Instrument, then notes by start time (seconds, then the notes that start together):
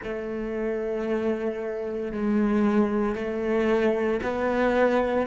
cello
0.03 A3
2.11 G#3
3.15 A3
4.22 B3